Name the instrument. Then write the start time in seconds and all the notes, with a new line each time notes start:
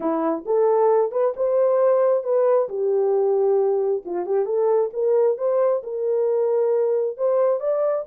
horn
0.00 E4
0.45 A4
1.11 B4
1.36 C5
2.23 B4
2.68 G4
4.05 F4
4.26 G4
4.45 A4
4.93 A#4
5.37 C5
5.83 A#4
7.17 C5
7.60 D5